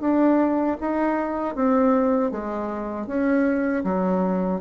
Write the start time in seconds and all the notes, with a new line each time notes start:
0.00 D4
0.80 D#4
1.55 C4
2.31 G#3
3.07 C#4
3.84 F#3